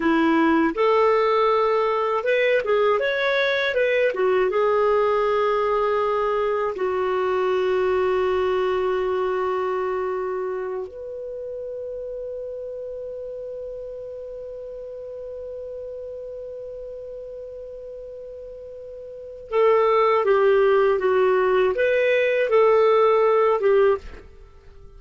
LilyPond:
\new Staff \with { instrumentName = "clarinet" } { \time 4/4 \tempo 4 = 80 e'4 a'2 b'8 gis'8 | cis''4 b'8 fis'8 gis'2~ | gis'4 fis'2.~ | fis'2~ fis'8 b'4.~ |
b'1~ | b'1~ | b'2 a'4 g'4 | fis'4 b'4 a'4. g'8 | }